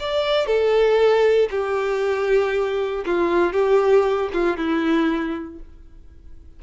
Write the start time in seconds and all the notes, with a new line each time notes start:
0.00 D5
0.47 A4
1.51 G4
3.06 F4
3.53 G4
4.34 F4
4.57 E4